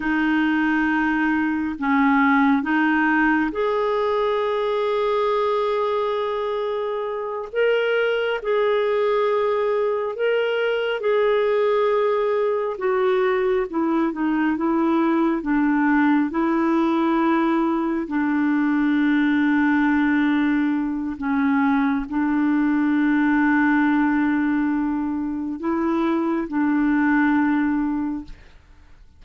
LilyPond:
\new Staff \with { instrumentName = "clarinet" } { \time 4/4 \tempo 4 = 68 dis'2 cis'4 dis'4 | gis'1~ | gis'8 ais'4 gis'2 ais'8~ | ais'8 gis'2 fis'4 e'8 |
dis'8 e'4 d'4 e'4.~ | e'8 d'2.~ d'8 | cis'4 d'2.~ | d'4 e'4 d'2 | }